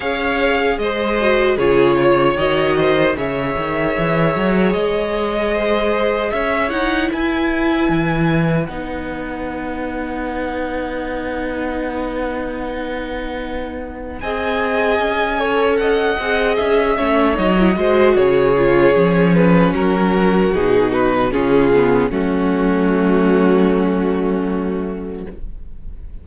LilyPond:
<<
  \new Staff \with { instrumentName = "violin" } { \time 4/4 \tempo 4 = 76 f''4 dis''4 cis''4 dis''4 | e''2 dis''2 | e''8 fis''8 gis''2 fis''4~ | fis''1~ |
fis''2 gis''2 | fis''4 e''4 dis''4 cis''4~ | cis''8 b'8 ais'4 gis'8 b'8 gis'4 | fis'1 | }
  \new Staff \with { instrumentName = "violin" } { \time 4/4 cis''4 c''4 gis'8 cis''4 c''8 | cis''2. c''4 | cis''4 b'2.~ | b'1~ |
b'2 dis''4. cis''8 | dis''4. cis''4 c''8 gis'4~ | gis'4 fis'2 f'4 | cis'1 | }
  \new Staff \with { instrumentName = "viola" } { \time 4/4 gis'4. fis'8 f'4 fis'4 | gis'1~ | gis'8 e'2~ e'8 dis'4~ | dis'1~ |
dis'2 gis'4. a'8~ | a'8 gis'4 cis'8 dis'16 e'16 fis'4 f'8 | cis'2 dis'4 cis'8 b8 | a1 | }
  \new Staff \with { instrumentName = "cello" } { \time 4/4 cis'4 gis4 cis4 dis4 | cis8 dis8 e8 fis8 gis2 | cis'8 dis'8 e'4 e4 b4~ | b1~ |
b2 c'4 cis'4~ | cis'8 c'8 cis'8 a8 fis8 gis8 cis4 | f4 fis4 b,4 cis4 | fis1 | }
>>